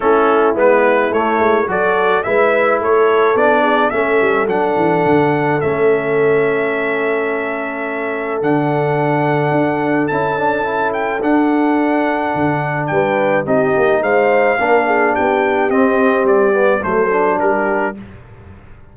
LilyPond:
<<
  \new Staff \with { instrumentName = "trumpet" } { \time 4/4 \tempo 4 = 107 a'4 b'4 cis''4 d''4 | e''4 cis''4 d''4 e''4 | fis''2 e''2~ | e''2. fis''4~ |
fis''2 a''4. g''8 | fis''2. g''4 | dis''4 f''2 g''4 | dis''4 d''4 c''4 ais'4 | }
  \new Staff \with { instrumentName = "horn" } { \time 4/4 e'2. a'4 | b'4 a'4. gis'8 a'4~ | a'1~ | a'1~ |
a'1~ | a'2. b'4 | g'4 c''4 ais'8 gis'8 g'4~ | g'2 a'4 g'4 | }
  \new Staff \with { instrumentName = "trombone" } { \time 4/4 cis'4 b4 a4 fis'4 | e'2 d'4 cis'4 | d'2 cis'2~ | cis'2. d'4~ |
d'2 e'8 d'8 e'4 | d'1 | dis'2 d'2 | c'4. b8 a8 d'4. | }
  \new Staff \with { instrumentName = "tuba" } { \time 4/4 a4 gis4 a8 gis8 fis4 | gis4 a4 b4 a8 g8 | fis8 e8 d4 a2~ | a2. d4~ |
d4 d'4 cis'2 | d'2 d4 g4 | c'8 ais8 gis4 ais4 b4 | c'4 g4 fis4 g4 | }
>>